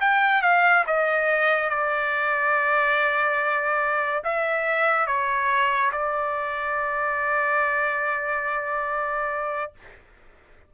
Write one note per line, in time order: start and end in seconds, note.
0.00 0.41 G5
0.41 0.84 F5
0.86 1.69 D#5
1.69 4.23 D5
4.24 5.06 E5
5.06 5.91 C#5
5.92 9.72 D5